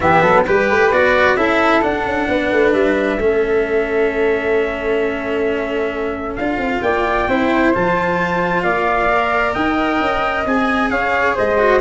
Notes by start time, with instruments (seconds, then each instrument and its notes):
0.00 tuba E3, cello B3, flute G4, trumpet E5
0.22 tuba F#3, flute A4
0.45 tuba G3, cello G4, flute B4, trumpet B4
0.70 tuba A3
0.91 tuba B3, cello F#4, trumpet D5
1.36 tuba C#4, cello E4, flute A4, trumpet E5
1.81 cello D4, tuba D4, trumpet F#5
2.05 tuba C#4
2.28 tuba B3, flute B4
2.52 tuba A3
2.73 tuba G3, trumpet E5
3.17 tuba A3, cello C#4, flute A4
6.36 tuba D4, cello F4, trumpet F5
6.57 tuba C4
6.81 tuba A#3, flute D5, trumpet G5
7.28 tuba C4, cello E4, flute C5
7.74 tuba F3, cello F4, trumpet A5
8.62 tuba A#3, flute D5, trumpet F5
9.09 cello A#4
9.53 tuba D#4, flute D#5, trumpet G5
10.00 tuba C#4
10.45 tuba C4, cello G#4, trumpet G#5
10.90 tuba C#4, flute C#5, trumpet F5
11.35 tuba G#3, flute C5, trumpet D#5
11.57 cello F#4